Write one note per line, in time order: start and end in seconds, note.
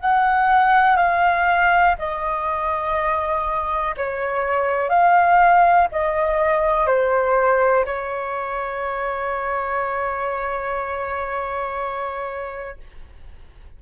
0.00 0.96 F#5
0.96 1.94 F5
1.98 3.95 D#5
3.97 4.89 C#5
4.89 5.87 F5
5.92 6.86 D#5
6.86 7.85 C5
7.85 12.77 C#5